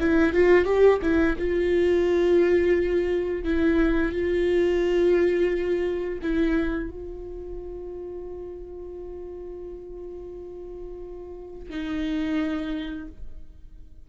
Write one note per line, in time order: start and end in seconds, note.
0.00 0.34 E4
0.34 0.65 F4
0.65 0.99 G4
1.02 1.36 E4
1.39 3.44 F4
3.44 4.12 E4
4.12 6.19 F4
6.22 6.90 E4
6.90 11.70 F4
11.70 13.08 D#4